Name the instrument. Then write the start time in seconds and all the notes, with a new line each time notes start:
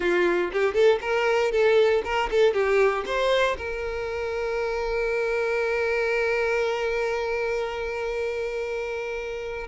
violin
0.00 F4
0.52 G4
0.73 A4
1.01 A#4
1.51 A4
2.04 A#4
2.30 A4
2.53 G4
3.05 C5
3.57 A#4